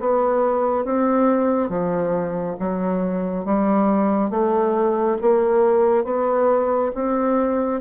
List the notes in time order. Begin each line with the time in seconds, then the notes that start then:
0.00 B3
0.85 C4
1.69 F3
2.60 F#3
3.45 G3
4.30 A3
5.21 A#3
6.04 B3
6.94 C4